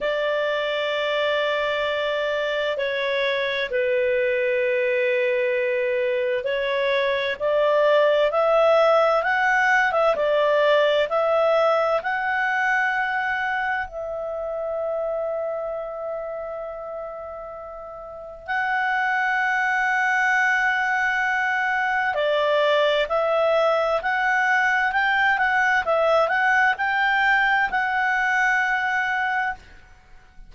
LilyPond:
\new Staff \with { instrumentName = "clarinet" } { \time 4/4 \tempo 4 = 65 d''2. cis''4 | b'2. cis''4 | d''4 e''4 fis''8. e''16 d''4 | e''4 fis''2 e''4~ |
e''1 | fis''1 | d''4 e''4 fis''4 g''8 fis''8 | e''8 fis''8 g''4 fis''2 | }